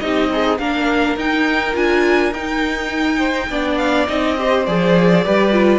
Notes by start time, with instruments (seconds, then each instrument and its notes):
0.00 cello C4, viola D#4, violin G4 D#5
0.30 violin D#4, viola G#4
0.59 cello A#3, viola D4, violin A#4 F5
1.17 cello D#4, viola D#4, violin G5
1.74 cello D4, viola F4, violin G#5
2.33 cello D#4, viola D#4, violin G5
3.19 violin C5
3.50 cello B3, viola D4, violin D5
3.78 violin F5
4.08 cello C4, viola D#4, violin D#5
4.38 viola G4, violin C5
4.66 cello F3, viola G#4, violin D5
5.25 cello G3, viola G4, violin B4
5.52 viola F4